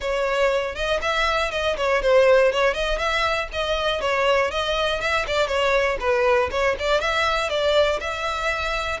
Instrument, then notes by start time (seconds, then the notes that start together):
violin
0.00 C#5
0.75 D#5
1.01 E5
1.51 D#5
1.76 C#5
2.02 C5
2.52 C#5
2.74 D#5
2.98 E5
3.52 D#5
4.00 C#5
4.50 D#5
5.00 E5
5.27 D5
5.47 C#5
6.00 B4
6.50 C#5
6.79 D5
7.00 E5
7.49 D5
8.00 E5